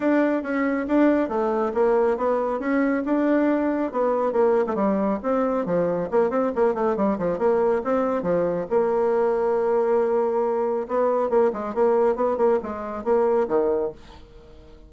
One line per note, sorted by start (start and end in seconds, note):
0.00 0.42 D4
0.42 0.86 C#4
0.87 1.28 D4
1.28 1.72 A3
1.74 2.17 A#3
2.17 2.59 B3
2.59 3.03 C#4
3.05 3.92 D4
3.92 4.32 B3
4.32 4.65 A#3
4.67 4.75 A3
4.75 5.18 G3
5.22 5.65 C4
5.65 6.09 F3
6.10 6.30 A#3
6.30 6.51 C4
6.55 6.74 A#3
6.74 6.96 A3
6.96 7.18 G3
7.18 7.38 F3
7.38 7.81 A#3
7.84 8.22 C4
8.22 8.66 F3
8.70 10.87 A#3
10.88 11.29 B3
11.29 11.51 A#3
11.52 11.74 G#3
11.74 12.15 A#3
12.15 12.37 B3
12.37 12.59 A#3
12.62 13.04 G#3
13.04 13.47 A#3
13.48 13.91 D#3